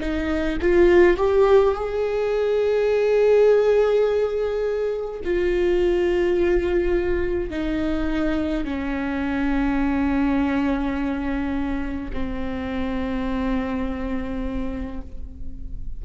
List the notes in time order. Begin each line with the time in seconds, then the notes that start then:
0.00 D#4
0.62 F4
1.17 G4
1.75 G#4
5.24 F4
7.51 D#4
8.65 C#4
12.14 C4